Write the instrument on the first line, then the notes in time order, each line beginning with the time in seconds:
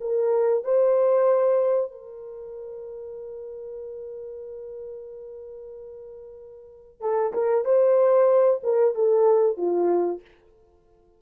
horn
0.00 A#4
0.64 C5
1.91 A#4
7.00 A4
7.33 A#4
7.65 C5
8.63 A#4
8.95 A4
9.57 F4